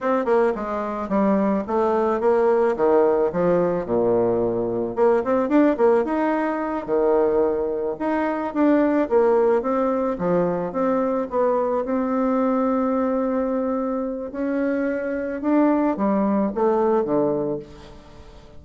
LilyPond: \new Staff \with { instrumentName = "bassoon" } { \time 4/4 \tempo 4 = 109 c'8 ais8 gis4 g4 a4 | ais4 dis4 f4 ais,4~ | ais,4 ais8 c'8 d'8 ais8 dis'4~ | dis'8 dis2 dis'4 d'8~ |
d'8 ais4 c'4 f4 c'8~ | c'8 b4 c'2~ c'8~ | c'2 cis'2 | d'4 g4 a4 d4 | }